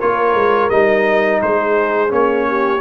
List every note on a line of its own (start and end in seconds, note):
0.00 0.34 A#3
0.00 0.71 F4
0.00 1.42 A#4
0.00 0.70 C#5
0.34 0.69 G#3
0.70 1.41 G3
0.70 2.08 D#4
0.70 1.40 D#5
1.41 2.12 G#3
1.41 2.48 G#4
1.41 2.12 C5
2.08 2.81 A#3
2.08 2.79 C#4
2.08 2.81 C#5
2.48 2.81 G4